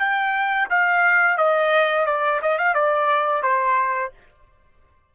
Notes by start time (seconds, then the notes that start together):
0.00 G5
0.70 F5
1.38 D#5
2.06 D5
2.43 D#5
2.59 F5
2.75 D5
3.43 C5